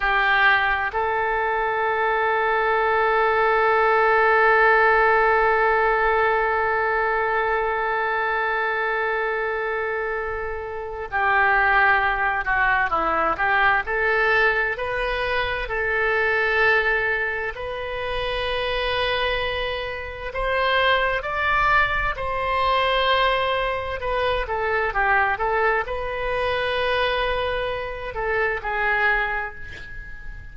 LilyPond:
\new Staff \with { instrumentName = "oboe" } { \time 4/4 \tempo 4 = 65 g'4 a'2.~ | a'1~ | a'1 | g'4. fis'8 e'8 g'8 a'4 |
b'4 a'2 b'4~ | b'2 c''4 d''4 | c''2 b'8 a'8 g'8 a'8 | b'2~ b'8 a'8 gis'4 | }